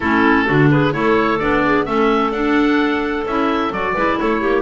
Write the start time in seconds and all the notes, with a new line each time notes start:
0.00 A3 C#4 E4 A4
0.45 D3 D4 F#4
0.70 G#4 B4
0.92 A3 E4 A4 C#5
1.38 B3 D4 D5
1.65 G#4
1.85 A3 C#4 A4 E5
2.31 D4 F#5
3.26 C#4 E4 E5
3.70 F#3 F#4 D5
3.93 G#3 E4 B4
4.19 A3 A4 C#5
4.40 A#3 G4